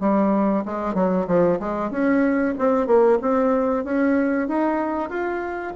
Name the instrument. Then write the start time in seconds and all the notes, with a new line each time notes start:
bassoon
0.00 G3
0.65 G#3
0.94 F#3
1.27 F3
1.60 G#3
1.91 C#4
2.58 C4
2.87 A#3
3.22 C4
3.84 C#4
4.48 D#4
5.10 F4